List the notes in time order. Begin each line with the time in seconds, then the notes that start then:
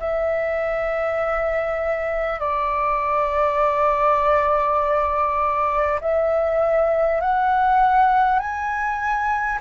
0.00 E5
2.39 D5
6.01 E5
7.21 F#5
8.39 G#5